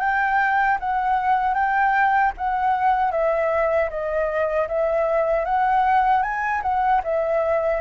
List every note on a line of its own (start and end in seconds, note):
0.00 0.78 G5
0.80 1.54 F#5
1.54 2.32 G5
2.37 3.12 F#5
3.12 3.90 E5
3.90 4.68 D#5
4.68 5.45 E5
5.45 6.23 F#5
6.23 6.62 G#5
6.62 7.01 F#5
7.04 7.81 E5